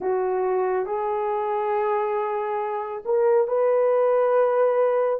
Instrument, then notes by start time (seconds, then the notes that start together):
horn
0.00 F#4
0.85 G#4
3.05 A#4
3.47 B4